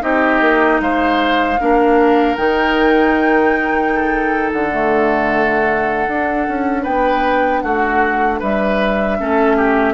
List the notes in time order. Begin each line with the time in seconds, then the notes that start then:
0.00 C4 D#4 G4 D#5
0.40 A#3
0.80 G#3 C5 F5
1.60 A#3 D4 A#4
2.36 D#3 D#4 G5
3.94 A4
4.52 D3 F#5
4.71 A3
6.08 D4
6.48 C#4
6.82 B3 B4 G5
7.61 A3 F#4 F#5
8.39 G3 B4 E5
9.19 A3 C#4 A4
9.56 G4